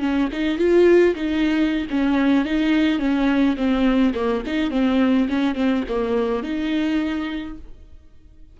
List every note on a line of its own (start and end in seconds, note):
0.00 0.29 C#4
0.32 0.58 D#4
0.58 1.15 F4
1.15 1.86 D#4
1.90 2.45 C#4
2.45 2.99 D#4
2.99 3.56 C#4
3.56 4.14 C4
4.14 4.43 A#3
4.46 4.71 D#4
4.71 5.28 C4
5.29 5.55 C#4
5.55 5.84 C4
5.88 6.43 A#3
6.43 7.57 D#4